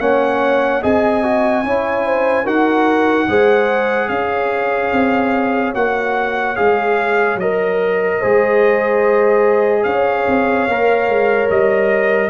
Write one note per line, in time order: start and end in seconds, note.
0.00 0.82 A#3
0.00 0.82 C#4
0.00 0.82 C#5
0.00 0.83 F#5
0.82 1.63 C4
0.82 1.23 G#4
0.82 1.64 D#5
0.82 2.47 G#5
1.23 1.64 F#4
1.63 2.45 C#4
1.63 2.45 E4
1.63 2.05 C#5
2.05 2.44 C5
2.44 3.28 D#4
2.44 3.28 F#4
2.44 3.27 A#4
2.44 4.09 F#5
3.28 4.09 G#3
3.28 5.75 G#4
3.28 4.11 C5
4.09 4.91 C#4
4.09 8.19 C#5
4.09 5.73 F5
4.92 5.74 C4
5.75 6.57 A#3
5.75 6.56 F#4
5.75 6.56 F#5
6.56 7.36 G#3
6.56 7.38 G#4
6.56 7.38 F5
7.36 8.18 F#3
7.36 8.22 A#4
7.36 9.84 D#5
8.19 9.85 G#3
8.19 10.69 G#4
8.19 9.84 C5
9.84 10.26 C#4
9.84 12.30 C#5
9.84 11.48 F5
10.28 10.68 C4
10.68 11.08 A#3
10.68 12.30 A#4
11.08 11.49 G#3
11.50 12.30 G3
11.50 12.30 D#5